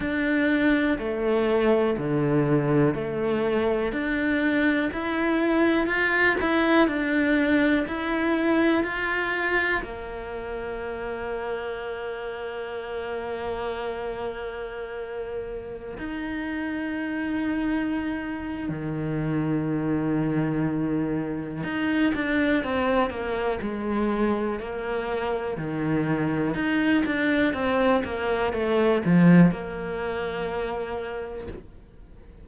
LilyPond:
\new Staff \with { instrumentName = "cello" } { \time 4/4 \tempo 4 = 61 d'4 a4 d4 a4 | d'4 e'4 f'8 e'8 d'4 | e'4 f'4 ais2~ | ais1~ |
ais16 dis'2~ dis'8. dis4~ | dis2 dis'8 d'8 c'8 ais8 | gis4 ais4 dis4 dis'8 d'8 | c'8 ais8 a8 f8 ais2 | }